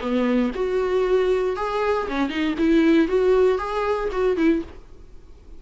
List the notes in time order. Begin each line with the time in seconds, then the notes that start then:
0.00 B3
0.54 F#4
1.56 G#4
2.07 C#4
2.29 D#4
2.58 E4
3.08 F#4
3.58 G#4
4.12 F#4
4.36 E4